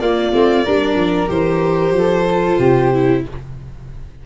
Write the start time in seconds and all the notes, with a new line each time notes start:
0.00 A#3 F4 D5
0.33 A3 C4
0.65 G3 D4 A#4
0.95 F3
1.28 E3 G4 C5
1.92 F3
1.98 A4
2.30 F4
2.59 C3 G4
2.94 E4